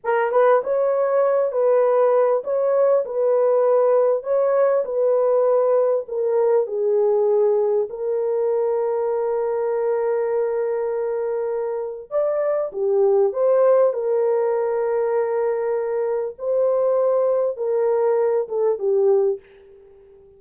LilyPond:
\new Staff \with { instrumentName = "horn" } { \time 4/4 \tempo 4 = 99 ais'8 b'8 cis''4. b'4. | cis''4 b'2 cis''4 | b'2 ais'4 gis'4~ | gis'4 ais'2.~ |
ais'1 | d''4 g'4 c''4 ais'4~ | ais'2. c''4~ | c''4 ais'4. a'8 g'4 | }